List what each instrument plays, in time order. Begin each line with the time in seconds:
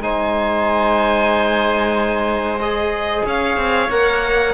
0.00 cello G#3, trombone D#4, oboe C5, violin G#5
2.60 trombone G#4, violin D#5
3.26 cello C#4, oboe C#5, violin F5
3.57 cello C4
3.90 cello A#3, trombone A#4, violin F#5